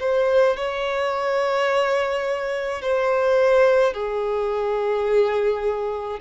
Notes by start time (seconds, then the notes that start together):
0.00 C5
0.57 C#5
2.81 C5
3.94 G#4